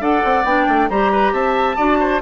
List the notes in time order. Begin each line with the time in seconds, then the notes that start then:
0.00 D4 A4 D5 F#5
0.24 C4
0.44 B3 D4 G5
0.68 A3
0.89 G3 G4 C5 A#5
1.12 B4
1.32 C4 E5 A5
1.76 D4 F#4 D5
1.99 C5